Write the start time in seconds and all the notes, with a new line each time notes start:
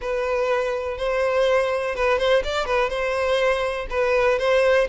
0.01 B4
0.97 C5
1.95 B4
2.18 C5
2.44 D5
2.65 B4
2.89 C5
3.90 B4
4.39 C5